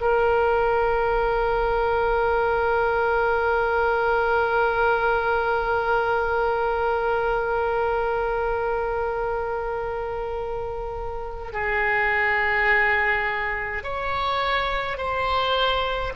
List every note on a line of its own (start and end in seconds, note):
0.00 11.52 A#4
11.52 13.83 G#4
13.83 14.97 C#5
14.97 16.12 C5